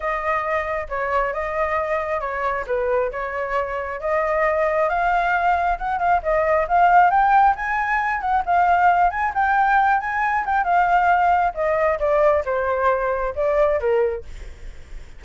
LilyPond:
\new Staff \with { instrumentName = "flute" } { \time 4/4 \tempo 4 = 135 dis''2 cis''4 dis''4~ | dis''4 cis''4 b'4 cis''4~ | cis''4 dis''2 f''4~ | f''4 fis''8 f''8 dis''4 f''4 |
g''4 gis''4. fis''8 f''4~ | f''8 gis''8 g''4. gis''4 g''8 | f''2 dis''4 d''4 | c''2 d''4 ais'4 | }